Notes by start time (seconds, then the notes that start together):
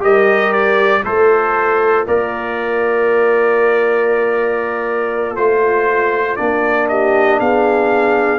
0.00 G3 G4 A#4 D#5
0.52 D5
1.03 A3 F4 A4 C5
2.07 A#3 A#4 D5
5.36 A3 F4 C5
6.36 A#3 D4 D5
6.88 G4 D#5
7.39 B3 G#4 F5